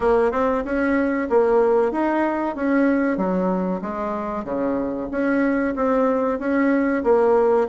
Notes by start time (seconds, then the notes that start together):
0.00 A#3
0.31 C4
0.64 C#4
1.29 A#3
1.91 D#4
2.55 C#4
3.17 F#3
3.81 G#3
4.44 C#3
5.11 C#4
5.75 C4
6.39 C#4
7.03 A#3